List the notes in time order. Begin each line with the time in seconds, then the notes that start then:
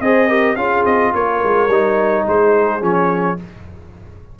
0.00 C4 G#4 C5 D#5
0.28 G4 A#4
0.56 C#4 F4 G#4 F5
0.85 C4 D#5
1.13 A#3 A#4 C#5
1.43 G#3
1.68 G3 D#4
2.27 G#3 G#4 C5
2.80 F3 C#4 C#5